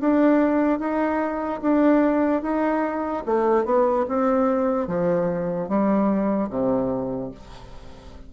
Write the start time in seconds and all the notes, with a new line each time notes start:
0.00 D4
0.79 D#4
1.62 D4
2.42 D#4
3.25 A3
3.65 B3
4.08 C4
4.87 F3
5.68 G3
6.49 C3